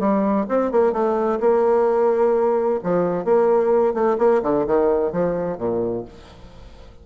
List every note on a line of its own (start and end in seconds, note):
0.00 0.47 G3
0.49 0.72 C4
0.72 0.93 A#3
0.93 1.39 A3
1.40 2.80 A#3
2.84 3.25 F3
3.25 3.94 A#3
3.94 4.17 A3
4.19 4.42 A#3
4.43 4.66 D3
4.67 5.13 D#3
5.13 5.58 F3
5.58 6.05 A#2